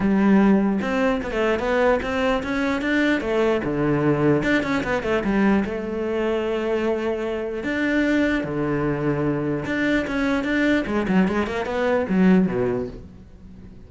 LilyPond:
\new Staff \with { instrumentName = "cello" } { \time 4/4 \tempo 4 = 149 g2 c'4 b16 a8. | b4 c'4 cis'4 d'4 | a4 d2 d'8 cis'8 | b8 a8 g4 a2~ |
a2. d'4~ | d'4 d2. | d'4 cis'4 d'4 gis8 fis8 | gis8 ais8 b4 fis4 b,4 | }